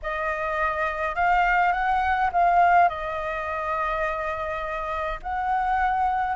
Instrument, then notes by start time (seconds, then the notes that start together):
flute
0.02 D#5
1.15 F5
1.72 F#5
2.32 F5
2.88 D#5
5.22 F#5